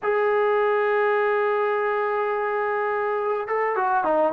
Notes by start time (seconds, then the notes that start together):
0.02 G#4
3.47 A4
3.76 F#4
4.04 D#4